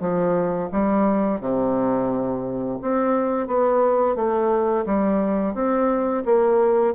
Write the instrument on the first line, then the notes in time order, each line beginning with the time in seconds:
bassoon
0.00 F3
0.72 G3
1.40 C3
2.82 C4
3.47 B3
4.15 A3
4.86 G3
5.54 C4
6.25 A#3